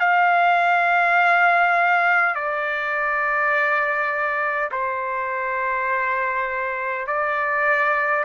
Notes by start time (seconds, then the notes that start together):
0.00 F5
2.35 D5
4.72 C5
7.07 D5